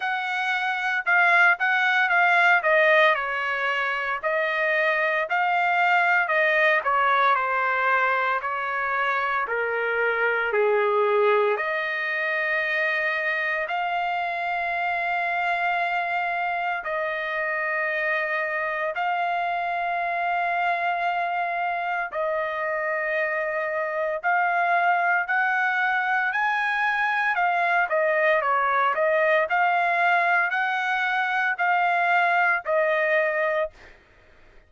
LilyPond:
\new Staff \with { instrumentName = "trumpet" } { \time 4/4 \tempo 4 = 57 fis''4 f''8 fis''8 f''8 dis''8 cis''4 | dis''4 f''4 dis''8 cis''8 c''4 | cis''4 ais'4 gis'4 dis''4~ | dis''4 f''2. |
dis''2 f''2~ | f''4 dis''2 f''4 | fis''4 gis''4 f''8 dis''8 cis''8 dis''8 | f''4 fis''4 f''4 dis''4 | }